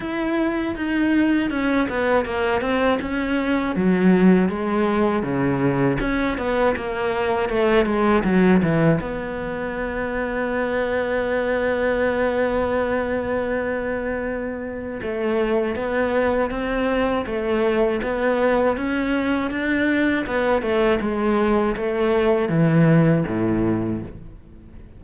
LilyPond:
\new Staff \with { instrumentName = "cello" } { \time 4/4 \tempo 4 = 80 e'4 dis'4 cis'8 b8 ais8 c'8 | cis'4 fis4 gis4 cis4 | cis'8 b8 ais4 a8 gis8 fis8 e8 | b1~ |
b1 | a4 b4 c'4 a4 | b4 cis'4 d'4 b8 a8 | gis4 a4 e4 a,4 | }